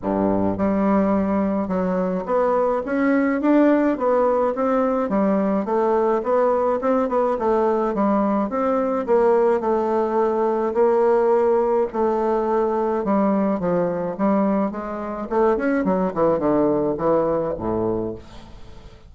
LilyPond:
\new Staff \with { instrumentName = "bassoon" } { \time 4/4 \tempo 4 = 106 g,4 g2 fis4 | b4 cis'4 d'4 b4 | c'4 g4 a4 b4 | c'8 b8 a4 g4 c'4 |
ais4 a2 ais4~ | ais4 a2 g4 | f4 g4 gis4 a8 cis'8 | fis8 e8 d4 e4 a,4 | }